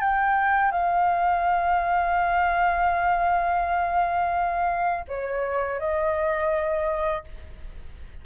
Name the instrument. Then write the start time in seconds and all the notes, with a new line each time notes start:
flute
0.00 G5
0.71 F5
5.08 C#5
5.79 D#5